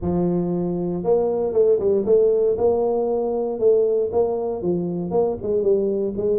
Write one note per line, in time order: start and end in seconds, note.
0.01 1.03 F3
1.03 1.52 A#3
1.52 1.78 A3
1.79 2.04 G3
2.05 2.56 A3
2.57 3.59 A#3
3.59 4.10 A3
4.12 4.62 A#3
4.62 5.10 F3
5.10 5.36 A#3
5.42 5.62 G#3
5.62 6.13 G3
6.16 6.39 G#3